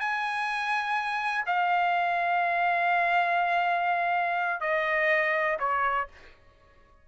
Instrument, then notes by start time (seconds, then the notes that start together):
trumpet
0.00 G#5
1.46 F5
4.61 D#5
5.60 C#5